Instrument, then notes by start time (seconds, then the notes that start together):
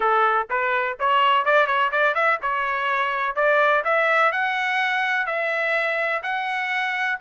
trumpet
0.00 A4
0.50 B4
0.99 C#5
1.45 D5
1.66 C#5
1.91 D5
2.14 E5
2.42 C#5
3.35 D5
3.84 E5
4.32 F#5
5.26 E5
6.22 F#5